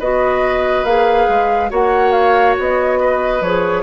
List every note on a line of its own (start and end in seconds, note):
0.00 0.84 B3
0.00 0.86 F#4
0.00 1.71 B4
0.00 0.85 D#5
0.84 1.27 A#3
0.84 1.70 G#4
0.84 1.71 F5
1.29 1.71 G#3
1.70 2.57 A#3
1.70 3.41 F#4
1.70 2.99 C#5
1.70 2.12 F#5
2.12 2.55 F5
2.59 3.42 B3
2.59 3.43 D#5
3.01 3.83 B4
3.42 3.83 F3
3.42 3.83 G#4
3.42 3.83 C#5